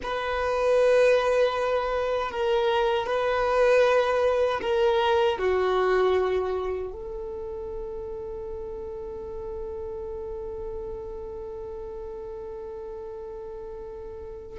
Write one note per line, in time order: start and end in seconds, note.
0.02 2.31 B4
2.31 3.06 A#4
3.06 4.60 B4
4.62 5.38 A#4
5.38 6.92 F#4
6.92 14.58 A4